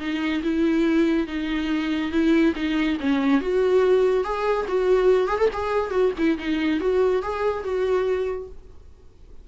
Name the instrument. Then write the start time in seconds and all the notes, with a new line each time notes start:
viola
0.00 D#4
0.43 E4
1.27 D#4
2.12 E4
2.56 D#4
3.00 C#4
3.41 F#4
4.24 G#4
4.68 F#4
5.28 G#4
5.39 A4
5.53 G#4
5.91 F#4
6.18 E4
6.38 D#4
6.80 F#4
7.23 G#4
7.64 F#4